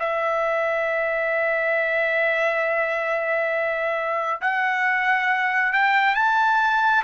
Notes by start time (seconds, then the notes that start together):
0.00 E5
4.42 F#5
5.73 G5
6.15 A5